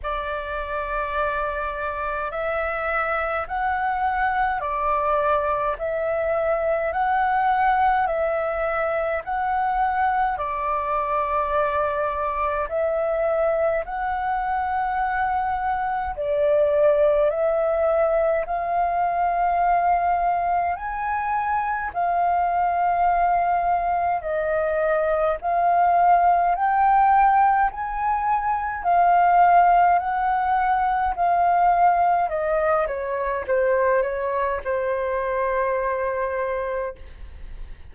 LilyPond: \new Staff \with { instrumentName = "flute" } { \time 4/4 \tempo 4 = 52 d''2 e''4 fis''4 | d''4 e''4 fis''4 e''4 | fis''4 d''2 e''4 | fis''2 d''4 e''4 |
f''2 gis''4 f''4~ | f''4 dis''4 f''4 g''4 | gis''4 f''4 fis''4 f''4 | dis''8 cis''8 c''8 cis''8 c''2 | }